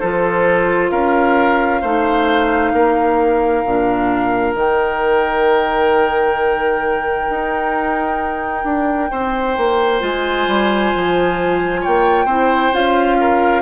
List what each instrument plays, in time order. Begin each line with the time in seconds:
0.00 bassoon F3, clarinet F4, oboe A4, flute C5
0.90 bassoon C#4, oboe A#4, flute F5
1.81 bassoon A3, clarinet D#4, oboe C5
2.73 bassoon A#3, oboe A#4
3.64 bassoon A#2, clarinet D4
4.55 bassoon D#3, clarinet D#4, flute G5
7.30 bassoon D#4
8.64 bassoon D4
9.11 bassoon C4, oboe C5
9.57 bassoon A#3
10.00 bassoon G#3, clarinet F4, flute G#5
10.47 bassoon G3
10.95 bassoon F3
11.81 bassoon A#3, oboe C#5, flute G5
12.25 bassoon C4, clarinet E4, oboe C5
12.73 bassoon C#4, clarinet F4, flute F5
13.20 oboe A#4